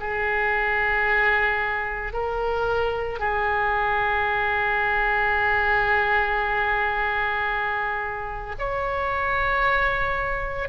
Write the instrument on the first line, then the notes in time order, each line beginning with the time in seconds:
oboe
0.00 G#4
2.13 A#4
3.20 G#4
8.59 C#5